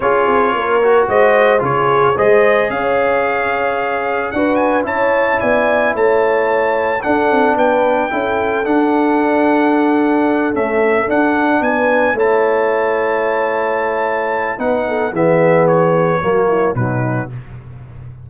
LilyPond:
<<
  \new Staff \with { instrumentName = "trumpet" } { \time 4/4 \tempo 4 = 111 cis''2 dis''4 cis''4 | dis''4 f''2. | fis''8 gis''8 a''4 gis''4 a''4~ | a''4 fis''4 g''2 |
fis''2.~ fis''8 e''8~ | e''8 fis''4 gis''4 a''4.~ | a''2. fis''4 | e''4 cis''2 b'4 | }
  \new Staff \with { instrumentName = "horn" } { \time 4/4 gis'4 ais'4 c''4 gis'4 | c''4 cis''2. | b'4 cis''4 d''4 cis''4~ | cis''4 a'4 b'4 a'4~ |
a'1~ | a'4. b'4 cis''4.~ | cis''2. b'8 a'8 | gis'2 fis'8 e'8 dis'4 | }
  \new Staff \with { instrumentName = "trombone" } { \time 4/4 f'4. fis'4. f'4 | gis'1 | fis'4 e'2.~ | e'4 d'2 e'4 |
d'2.~ d'8 a8~ | a8 d'2 e'4.~ | e'2. dis'4 | b2 ais4 fis4 | }
  \new Staff \with { instrumentName = "tuba" } { \time 4/4 cis'8 c'8 ais4 gis4 cis4 | gis4 cis'2. | d'4 cis'4 b4 a4~ | a4 d'8 c'8 b4 cis'4 |
d'2.~ d'8 cis'8~ | cis'8 d'4 b4 a4.~ | a2. b4 | e2 fis4 b,4 | }
>>